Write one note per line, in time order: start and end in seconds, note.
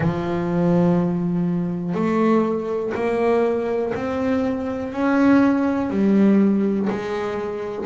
0.00 1.94 F3
1.94 2.92 A3
2.94 3.93 A#3
3.94 4.92 C4
4.92 5.90 C#4
5.90 6.88 G3
6.89 7.86 G#3